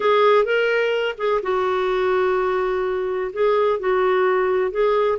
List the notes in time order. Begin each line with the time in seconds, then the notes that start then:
0.00 G#4
0.44 A#4
1.17 G#4
1.42 F#4
3.32 G#4
3.79 F#4
4.71 G#4